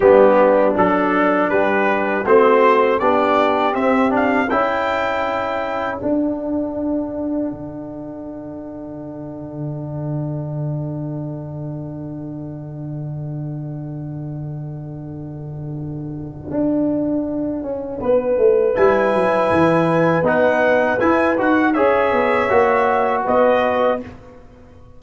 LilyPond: <<
  \new Staff \with { instrumentName = "trumpet" } { \time 4/4 \tempo 4 = 80 g'4 a'4 b'4 c''4 | d''4 e''8 f''8 g''2 | fis''1~ | fis''1~ |
fis''1~ | fis''1~ | fis''4 gis''2 fis''4 | gis''8 fis''8 e''2 dis''4 | }
  \new Staff \with { instrumentName = "horn" } { \time 4/4 d'2 g'4 fis'4 | g'2 a'2~ | a'1~ | a'1~ |
a'1~ | a'1 | b'1~ | b'4 cis''2 b'4 | }
  \new Staff \with { instrumentName = "trombone" } { \time 4/4 b4 d'2 c'4 | d'4 c'8 d'8 e'2 | d'1~ | d'1~ |
d'1~ | d'1~ | d'4 e'2 dis'4 | e'8 fis'8 gis'4 fis'2 | }
  \new Staff \with { instrumentName = "tuba" } { \time 4/4 g4 fis4 g4 a4 | b4 c'4 cis'2 | d'2 d2~ | d1~ |
d1~ | d2 d'4. cis'8 | b8 a8 g8 fis8 e4 b4 | e'8 dis'8 cis'8 b8 ais4 b4 | }
>>